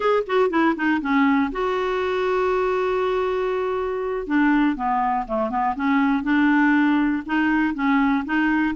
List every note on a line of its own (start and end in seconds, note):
0.00 0.23 G#4
0.26 0.50 F#4
0.50 0.75 E4
0.75 1.00 D#4
1.01 1.51 C#4
1.51 4.26 F#4
4.26 4.75 D4
4.75 5.25 B3
5.27 5.50 A3
5.50 5.75 B3
5.75 6.23 C#4
6.23 7.23 D4
7.26 7.74 D#4
7.74 8.24 C#4
8.25 8.75 D#4